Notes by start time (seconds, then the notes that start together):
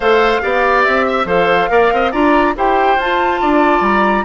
0.00 A3 A4 C5 F5
0.41 B3 G4 D5
0.83 C4 E5
1.06 E5
1.24 F3 A4 C5 F5
1.69 A#3 A#4 D5
1.92 C4 D#5
2.11 D4 F4 D5 A#5
2.55 E4 G4 C5 G5
2.96 F4 A5
3.41 D4 D5
3.80 G3 A#5